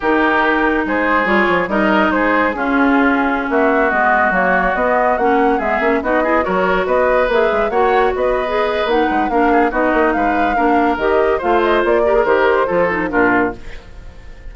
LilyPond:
<<
  \new Staff \with { instrumentName = "flute" } { \time 4/4 \tempo 4 = 142 ais'2 c''4 cis''4 | dis''4 c''4 gis'2~ | gis'16 e''4 dis''4 cis''4 dis''8.~ | dis''16 fis''4 e''4 dis''4 cis''8.~ |
cis''16 dis''4 e''4 fis''4 dis''8.~ | dis''4 fis''4 f''4 dis''4 | f''2 dis''4 f''8 dis''8 | d''4 c''2 ais'4 | }
  \new Staff \with { instrumentName = "oboe" } { \time 4/4 g'2 gis'2 | ais'4 gis'4 f'2~ | f'16 fis'2.~ fis'8.~ | fis'4~ fis'16 gis'4 fis'8 gis'8 ais'8.~ |
ais'16 b'2 cis''4 b'8.~ | b'2 ais'8 gis'8 fis'4 | b'4 ais'2 c''4~ | c''8 ais'4. a'4 f'4 | }
  \new Staff \with { instrumentName = "clarinet" } { \time 4/4 dis'2. f'4 | dis'2 cis'2~ | cis'4~ cis'16 b4 ais4 b8.~ | b16 cis'4 b8 cis'8 dis'8 e'8 fis'8.~ |
fis'4~ fis'16 gis'4 fis'4.~ fis'16 | gis'4 dis'4 d'4 dis'4~ | dis'4 d'4 g'4 f'4~ | f'8 g'16 gis'16 g'4 f'8 dis'8 d'4 | }
  \new Staff \with { instrumentName = "bassoon" } { \time 4/4 dis2 gis4 g8 f8 | g4 gis4 cis'2~ | cis'16 ais4 gis4 fis4 b8.~ | b16 ais4 gis8 ais8 b4 fis8.~ |
fis16 b4 ais8 gis8 ais4 b8.~ | b4 ais8 gis8 ais4 b8 ais8 | gis4 ais4 dis4 a4 | ais4 dis4 f4 ais,4 | }
>>